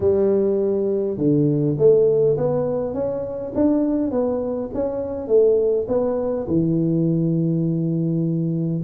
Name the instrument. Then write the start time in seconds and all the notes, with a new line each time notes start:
tuba
0.00 G3
1.17 D3
1.78 A3
2.37 B3
2.94 C#4
3.55 D4
4.11 B3
4.74 C#4
5.27 A3
5.88 B3
6.47 E3